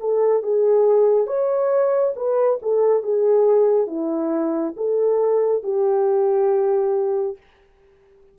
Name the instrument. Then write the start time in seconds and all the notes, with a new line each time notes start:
horn
0.00 A4
0.43 G#4
1.27 C#5
2.16 B4
2.62 A4
3.03 G#4
3.87 E4
4.77 A4
5.63 G4